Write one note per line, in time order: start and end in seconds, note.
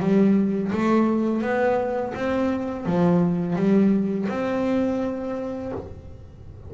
0.00 0.71 G3
0.73 1.42 A3
1.42 2.14 B3
2.15 2.86 C4
2.86 3.56 F3
3.56 4.27 G3
4.30 5.72 C4